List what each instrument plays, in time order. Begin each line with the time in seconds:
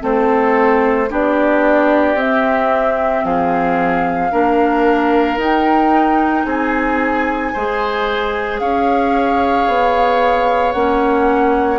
0.00 bassoon A3, clarinet C4, oboe A4, flute C5
1.09 bassoon B3, clarinet D4, oboe G4, flute D5
2.15 bassoon C4, clarinet C4, flute E5
3.23 bassoon F3, oboe G#4, flute F5
4.30 bassoon A#3, clarinet D4, oboe A#4
5.36 bassoon D#4, clarinet D#4, flute G5
6.45 bassoon C4, oboe G#4, flute G#5
7.53 bassoon G#3, clarinet G#4, oboe C5
8.59 bassoon C#4, oboe C#5, flute F5
9.67 bassoon B3
10.72 bassoon A#3, clarinet C#4, flute F#5